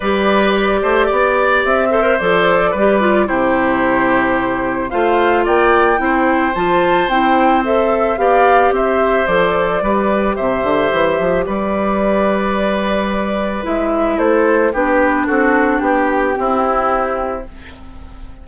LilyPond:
<<
  \new Staff \with { instrumentName = "flute" } { \time 4/4 \tempo 4 = 110 d''2. e''4 | d''2 c''2~ | c''4 f''4 g''2 | a''4 g''4 e''4 f''4 |
e''4 d''2 e''4~ | e''4 d''2.~ | d''4 e''4 c''4 b'4 | a'4 g'2. | }
  \new Staff \with { instrumentName = "oboe" } { \time 4/4 b'4. c''8 d''4. c''8~ | c''4 b'4 g'2~ | g'4 c''4 d''4 c''4~ | c''2. d''4 |
c''2 b'4 c''4~ | c''4 b'2.~ | b'2 a'4 g'4 | fis'4 g'4 e'2 | }
  \new Staff \with { instrumentName = "clarinet" } { \time 4/4 g'2.~ g'8 a'16 ais'16 | a'4 g'8 f'8 e'2~ | e'4 f'2 e'4 | f'4 e'4 a'4 g'4~ |
g'4 a'4 g'2~ | g'1~ | g'4 e'2 d'4~ | d'2 c'2 | }
  \new Staff \with { instrumentName = "bassoon" } { \time 4/4 g4. a8 b4 c'4 | f4 g4 c2~ | c4 a4 ais4 c'4 | f4 c'2 b4 |
c'4 f4 g4 c8 d8 | e8 f8 g2.~ | g4 gis4 a4 b4 | c'4 b4 c'2 | }
>>